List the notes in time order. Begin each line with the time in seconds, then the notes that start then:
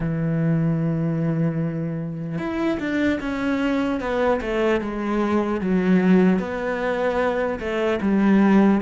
0.00 E3
2.38 E4
2.79 D4
3.20 C#4
4.00 B3
4.41 A3
4.80 G#3
5.60 F#3
6.39 B3
7.59 A3
8.01 G3